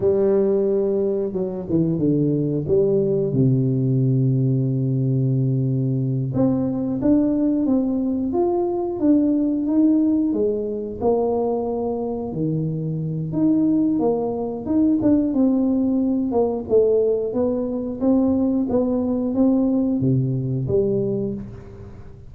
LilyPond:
\new Staff \with { instrumentName = "tuba" } { \time 4/4 \tempo 4 = 90 g2 fis8 e8 d4 | g4 c2.~ | c4. c'4 d'4 c'8~ | c'8 f'4 d'4 dis'4 gis8~ |
gis8 ais2 dis4. | dis'4 ais4 dis'8 d'8 c'4~ | c'8 ais8 a4 b4 c'4 | b4 c'4 c4 g4 | }